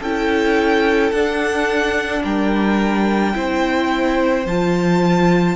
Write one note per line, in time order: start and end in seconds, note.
0.00 1.12 C#4
0.00 1.14 E4
0.00 2.22 A4
0.00 1.12 G5
1.12 2.23 D4
1.12 3.34 D4
1.12 2.23 F#5
2.23 3.35 G3
2.23 3.34 A#4
2.23 4.47 G5
3.34 4.46 C4
3.34 4.45 E4
3.34 5.56 C5
4.46 5.56 F3
4.46 5.56 F4
4.46 5.56 A5